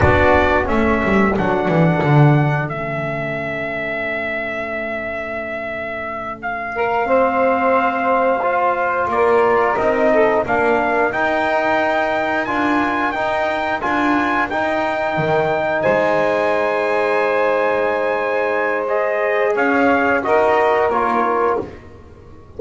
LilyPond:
<<
  \new Staff \with { instrumentName = "trumpet" } { \time 4/4 \tempo 4 = 89 d''4 e''4 fis''2 | e''1~ | e''4. f''2~ f''8~ | f''4. d''4 dis''4 f''8~ |
f''8 g''2 gis''4 g''8~ | g''8 gis''4 g''2 gis''8~ | gis''1 | dis''4 f''4 dis''4 cis''4 | }
  \new Staff \with { instrumentName = "saxophone" } { \time 4/4 fis'4 a'2.~ | a'1~ | a'2 ais'8 c''4.~ | c''4. ais'4. a'8 ais'8~ |
ais'1~ | ais'2.~ ais'8 c''8~ | c''1~ | c''4 cis''4 ais'2 | }
  \new Staff \with { instrumentName = "trombone" } { \time 4/4 d'4 cis'4 d'2 | cis'1~ | cis'2~ cis'8 c'4.~ | c'8 f'2 dis'4 d'8~ |
d'8 dis'2 f'4 dis'8~ | dis'8 f'4 dis'2~ dis'8~ | dis'1 | gis'2 fis'4 f'4 | }
  \new Staff \with { instrumentName = "double bass" } { \time 4/4 b4 a8 g8 fis8 e8 d4 | a1~ | a1~ | a4. ais4 c'4 ais8~ |
ais8 dis'2 d'4 dis'8~ | dis'8 d'4 dis'4 dis4 gis8~ | gis1~ | gis4 cis'4 dis'4 ais4 | }
>>